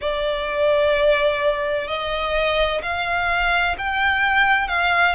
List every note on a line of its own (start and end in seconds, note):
0.01 1.87 D5
1.87 2.81 D#5
2.82 3.75 F5
3.78 4.68 G5
4.68 5.15 F5